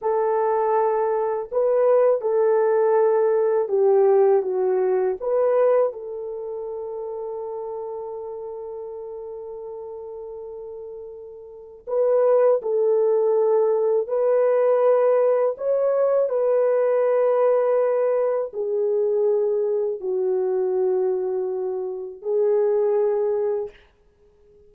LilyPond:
\new Staff \with { instrumentName = "horn" } { \time 4/4 \tempo 4 = 81 a'2 b'4 a'4~ | a'4 g'4 fis'4 b'4 | a'1~ | a'1 |
b'4 a'2 b'4~ | b'4 cis''4 b'2~ | b'4 gis'2 fis'4~ | fis'2 gis'2 | }